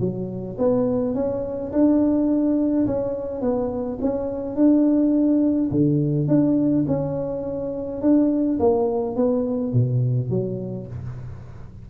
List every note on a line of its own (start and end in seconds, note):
0.00 0.57 F#3
0.58 1.15 B3
1.15 1.72 C#4
1.72 2.86 D4
2.87 3.42 C#4
3.42 3.99 B3
4.02 4.56 C#4
4.56 5.70 D4
5.71 6.28 D3
6.28 6.85 D4
6.88 8.02 C#4
8.02 8.59 D4
8.59 9.16 A#3
9.16 9.73 B3
9.74 10.30 B2
10.30 10.87 F#3